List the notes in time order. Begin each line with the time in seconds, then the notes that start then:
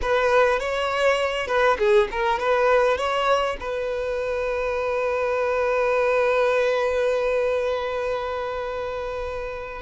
0.01 B4
0.59 C#5
1.47 B4
1.78 G#4
2.11 A#4
2.39 B4
2.97 C#5
3.60 B4